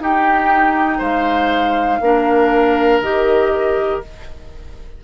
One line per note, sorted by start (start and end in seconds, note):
0.00 1.00 D#4
0.00 2.01 D#4
0.00 0.99 G4
0.00 1.02 G5
0.99 2.00 G#3
0.99 1.99 C5
0.99 3.02 F5
2.01 3.01 A#3
2.01 3.03 D4
2.01 4.04 A#4
3.01 4.01 D#3
3.01 4.03 G4
3.01 4.02 D#5